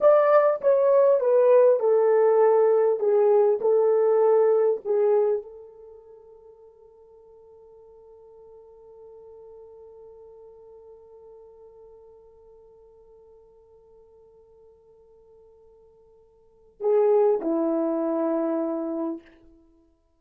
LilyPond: \new Staff \with { instrumentName = "horn" } { \time 4/4 \tempo 4 = 100 d''4 cis''4 b'4 a'4~ | a'4 gis'4 a'2 | gis'4 a'2.~ | a'1~ |
a'1~ | a'1~ | a'1 | gis'4 e'2. | }